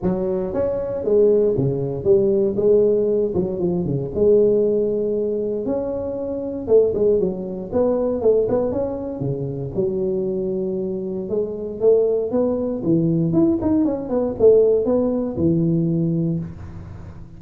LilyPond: \new Staff \with { instrumentName = "tuba" } { \time 4/4 \tempo 4 = 117 fis4 cis'4 gis4 cis4 | g4 gis4. fis8 f8 cis8 | gis2. cis'4~ | cis'4 a8 gis8 fis4 b4 |
a8 b8 cis'4 cis4 fis4~ | fis2 gis4 a4 | b4 e4 e'8 dis'8 cis'8 b8 | a4 b4 e2 | }